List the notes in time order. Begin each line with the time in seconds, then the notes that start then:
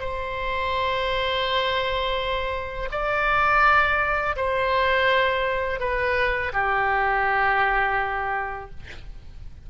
0.00 C5
2.91 D5
4.36 C5
5.80 B4
6.53 G4